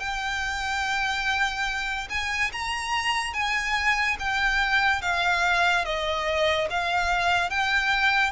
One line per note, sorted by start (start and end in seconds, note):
0.00 2.08 G5
2.10 2.52 G#5
2.53 3.34 A#5
3.34 4.17 G#5
4.20 5.02 G5
5.02 5.85 F5
5.85 6.69 D#5
6.70 7.51 F5
7.51 8.32 G5